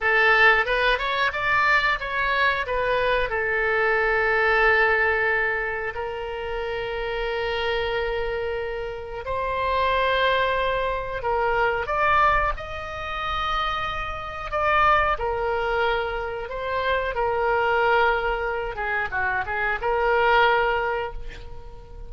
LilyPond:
\new Staff \with { instrumentName = "oboe" } { \time 4/4 \tempo 4 = 91 a'4 b'8 cis''8 d''4 cis''4 | b'4 a'2.~ | a'4 ais'2.~ | ais'2 c''2~ |
c''4 ais'4 d''4 dis''4~ | dis''2 d''4 ais'4~ | ais'4 c''4 ais'2~ | ais'8 gis'8 fis'8 gis'8 ais'2 | }